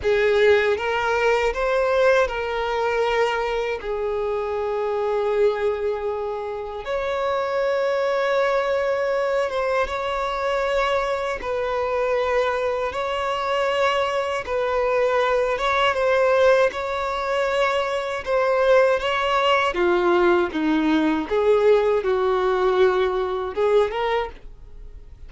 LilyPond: \new Staff \with { instrumentName = "violin" } { \time 4/4 \tempo 4 = 79 gis'4 ais'4 c''4 ais'4~ | ais'4 gis'2.~ | gis'4 cis''2.~ | cis''8 c''8 cis''2 b'4~ |
b'4 cis''2 b'4~ | b'8 cis''8 c''4 cis''2 | c''4 cis''4 f'4 dis'4 | gis'4 fis'2 gis'8 ais'8 | }